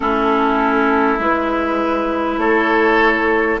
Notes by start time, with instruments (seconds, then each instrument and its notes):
0.00 bassoon A3, clarinet C#4, oboe E4, flute A4
1.19 bassoon G#3, clarinet E4, flute B4
2.37 bassoon A3, oboe A4, flute C#5